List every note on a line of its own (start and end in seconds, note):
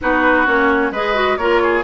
0.01 0.47 B3
0.01 0.46 D#4
0.01 0.91 F#4
0.01 0.46 B4
0.46 0.90 A#3
0.46 0.92 C#4
0.46 0.93 C#5
0.90 1.37 G#3
0.90 1.14 G#4
0.90 1.38 B4
0.90 1.37 D#5
1.14 1.37 F#4
1.37 1.83 A#3
1.37 1.84 F4
1.37 1.61 A#4
1.37 1.83 C#5
1.63 1.84 G#4